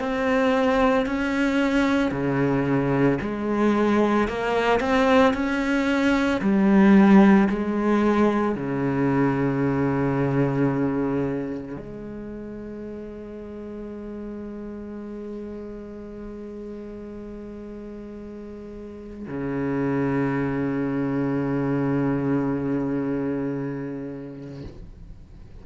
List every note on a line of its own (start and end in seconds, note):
0.00 1.06 C4
1.06 2.11 C#4
2.11 3.19 C#3
3.21 4.29 G#3
4.29 4.80 A#3
4.80 5.34 C4
5.34 6.41 C#4
6.41 7.49 G3
7.50 8.56 G#3
8.56 11.77 C#3
11.77 19.27 G#3
19.28 24.63 C#3